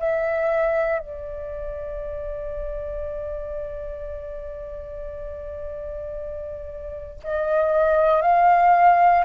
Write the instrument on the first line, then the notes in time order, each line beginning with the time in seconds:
flute
0.00 E5
0.99 D5
7.24 D#5
8.21 F5